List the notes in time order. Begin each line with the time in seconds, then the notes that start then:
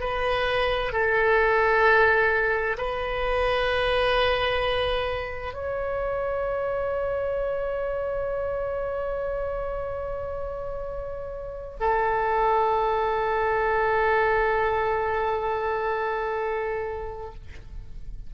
0.00 B4
0.92 A4
2.78 B4
5.53 C#5
11.80 A4